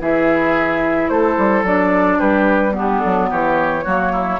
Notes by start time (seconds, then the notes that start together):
0.00 E3 E4 G#4 E5
1.08 A3 A4 C5
1.37 G3
1.63 F#3 D4 D5
2.18 G3 G4 B4
2.70 B3
2.77 D4 G4
2.99 F#3 A4
3.30 E3 G4 C#5
3.84 F#3 A#3 F#4
4.12 E4